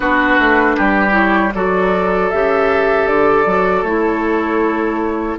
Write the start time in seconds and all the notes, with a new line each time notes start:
0.00 B3 D4 F#4 B4
0.38 A3
0.76 G3 G4
1.10 E4 C#5
1.54 F#3 F#4 A4 D5
2.30 C#3 G4 E5
3.07 D3 D5
3.45 F#3 F#4
3.82 A3 E4 C#5